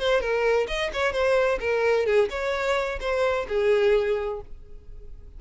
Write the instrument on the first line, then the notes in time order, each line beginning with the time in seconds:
violin
0.00 C5
0.21 A#4
0.68 D#5
0.94 C#5
1.13 C5
1.61 A#4
2.06 G#4
2.31 C#5
3.01 C5
3.49 G#4